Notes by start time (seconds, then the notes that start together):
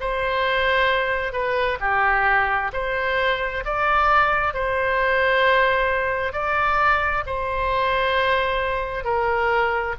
0.00 C5
1.33 B4
1.80 G4
2.73 C5
3.65 D5
4.54 C5
6.33 D5
7.26 C5
9.04 A#4